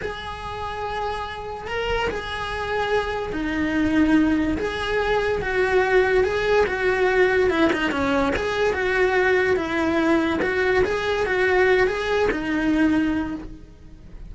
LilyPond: \new Staff \with { instrumentName = "cello" } { \time 4/4 \tempo 4 = 144 gis'1 | ais'4 gis'2. | dis'2. gis'4~ | gis'4 fis'2 gis'4 |
fis'2 e'8 dis'8 cis'4 | gis'4 fis'2 e'4~ | e'4 fis'4 gis'4 fis'4~ | fis'8 gis'4 dis'2~ dis'8 | }